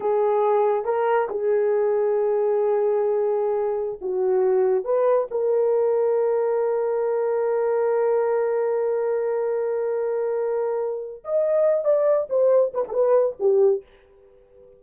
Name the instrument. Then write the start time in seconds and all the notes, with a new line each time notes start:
horn
0.00 G#4
0.84 A#4
1.29 G#4
4.01 F#4
4.84 B4
5.30 A#4
11.24 D#5
11.84 D5
12.29 C5
12.74 B4
12.88 A4 B4
13.39 G4